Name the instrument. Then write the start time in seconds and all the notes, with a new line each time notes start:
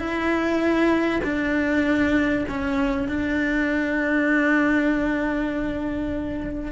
cello
0.00 E4
1.25 D4
2.49 C#4
3.09 D4